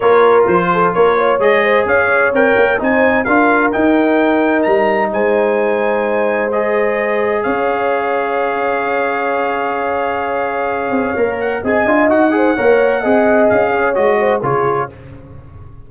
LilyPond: <<
  \new Staff \with { instrumentName = "trumpet" } { \time 4/4 \tempo 4 = 129 cis''4 c''4 cis''4 dis''4 | f''4 g''4 gis''4 f''4 | g''2 ais''4 gis''4~ | gis''2 dis''2 |
f''1~ | f''1~ | f''8 fis''8 gis''4 fis''2~ | fis''4 f''4 dis''4 cis''4 | }
  \new Staff \with { instrumentName = "horn" } { \time 4/4 ais'4. a'8 ais'8 cis''4 c''8 | cis''2 c''4 ais'4~ | ais'2. c''4~ | c''1 |
cis''1~ | cis''1~ | cis''4 dis''4. c''8 cis''4 | dis''4. cis''4 c''8 gis'4 | }
  \new Staff \with { instrumentName = "trombone" } { \time 4/4 f'2. gis'4~ | gis'4 ais'4 dis'4 f'4 | dis'1~ | dis'2 gis'2~ |
gis'1~ | gis'1 | ais'4 gis'8 f'8 fis'8 gis'8 ais'4 | gis'2 fis'4 f'4 | }
  \new Staff \with { instrumentName = "tuba" } { \time 4/4 ais4 f4 ais4 gis4 | cis'4 c'8 ais8 c'4 d'4 | dis'2 g4 gis4~ | gis1 |
cis'1~ | cis'2.~ cis'8 c'8 | ais4 c'8 d'8 dis'4 ais4 | c'4 cis'4 gis4 cis4 | }
>>